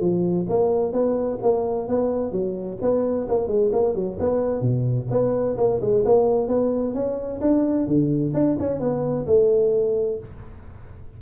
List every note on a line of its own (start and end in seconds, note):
0.00 0.46 F3
0.49 0.92 A#3
0.92 1.38 B3
1.42 1.88 A#3
1.88 2.31 B3
2.31 2.78 F#3
2.81 3.27 B3
3.28 3.47 A#3
3.47 3.70 G#3
3.72 3.95 A#3
3.95 4.18 F#3
4.19 4.61 B3
4.61 5.07 B2
5.10 5.57 B3
5.57 5.80 A#3
5.81 6.04 G#3
6.05 6.48 A#3
6.48 6.94 B3
6.94 7.40 C#4
7.41 7.87 D4
7.87 8.33 D3
8.33 8.57 D4
8.59 8.79 C#4
8.79 9.26 B3
9.26 10.19 A3